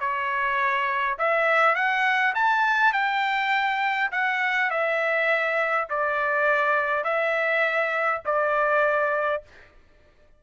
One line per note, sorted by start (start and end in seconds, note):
0.00 1.18 C#5
1.19 1.75 E5
1.75 2.34 F#5
2.35 2.93 A5
2.93 4.11 G5
4.12 4.71 F#5
4.71 5.88 E5
5.90 7.04 D5
7.04 8.22 E5
8.25 9.43 D5